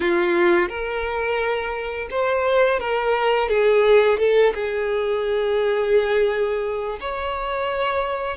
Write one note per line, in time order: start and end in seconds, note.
0.00 0.68 F4
0.68 2.08 A#4
2.10 2.79 C5
2.79 3.49 A#4
3.49 4.18 G#4
4.18 4.53 A4
4.54 6.98 G#4
7.00 8.36 C#5